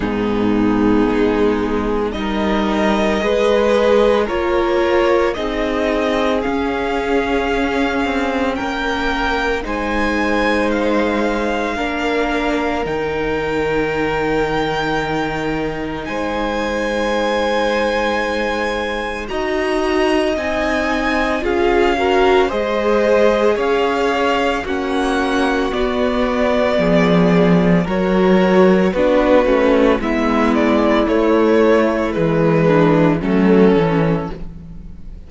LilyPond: <<
  \new Staff \with { instrumentName = "violin" } { \time 4/4 \tempo 4 = 56 gis'2 dis''2 | cis''4 dis''4 f''2 | g''4 gis''4 f''2 | g''2. gis''4~ |
gis''2 ais''4 gis''4 | f''4 dis''4 f''4 fis''4 | d''2 cis''4 b'4 | e''8 d''8 cis''4 b'4 a'4 | }
  \new Staff \with { instrumentName = "violin" } { \time 4/4 dis'2 ais'4 b'4 | ais'4 gis'2. | ais'4 c''2 ais'4~ | ais'2. c''4~ |
c''2 dis''2 | gis'8 ais'8 c''4 cis''4 fis'4~ | fis'4 gis'4 ais'4 fis'4 | e'2~ e'8 d'8 cis'4 | }
  \new Staff \with { instrumentName = "viola" } { \time 4/4 b2 dis'4 gis'4 | f'4 dis'4 cis'2~ | cis'4 dis'2 d'4 | dis'1~ |
dis'2 fis'4 dis'4 | f'8 fis'8 gis'2 cis'4 | b2 fis'4 d'8 cis'8 | b4 a4 gis4 a8 cis'8 | }
  \new Staff \with { instrumentName = "cello" } { \time 4/4 gis,4 gis4 g4 gis4 | ais4 c'4 cis'4. c'8 | ais4 gis2 ais4 | dis2. gis4~ |
gis2 dis'4 c'4 | cis'4 gis4 cis'4 ais4 | b4 f4 fis4 b8 a8 | gis4 a4 e4 fis8 e8 | }
>>